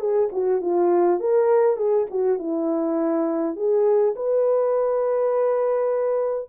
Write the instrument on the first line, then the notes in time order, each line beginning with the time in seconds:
horn
0.00 G#4
0.32 F#4
0.61 F4
1.20 A#4
1.76 G#4
2.10 F#4
2.39 E4
3.56 G#4
4.16 B4